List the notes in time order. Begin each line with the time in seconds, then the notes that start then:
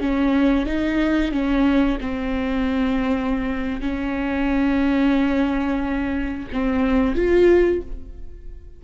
0.00 C#4
0.66 D#4
1.32 C#4
2.00 C4
3.81 C#4
6.52 C4
7.15 F4